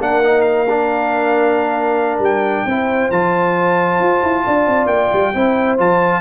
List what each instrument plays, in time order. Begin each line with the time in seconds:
0.00 tuba A#3, trombone D4, horn A#4, trumpet F#5
0.23 trombone D#4
0.41 trumpet F5
0.69 trombone D4
2.19 tuba G3, trumpet G5
2.66 tuba C4, trombone E4, horn C5
3.11 tuba F3, trombone F4, trumpet A5
4.00 tuba F4
4.23 tuba E4
4.46 tuba D4, horn D5
4.67 tuba C4
4.86 tuba A#3, trumpet G5
5.13 tuba G3
5.35 tuba C4, trombone E4, horn C5
5.78 tuba F3, trombone F4, trumpet A5